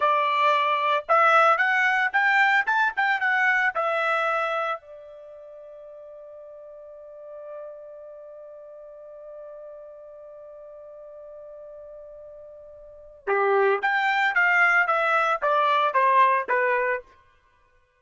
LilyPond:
\new Staff \with { instrumentName = "trumpet" } { \time 4/4 \tempo 4 = 113 d''2 e''4 fis''4 | g''4 a''8 g''8 fis''4 e''4~ | e''4 d''2.~ | d''1~ |
d''1~ | d''1~ | d''4 g'4 g''4 f''4 | e''4 d''4 c''4 b'4 | }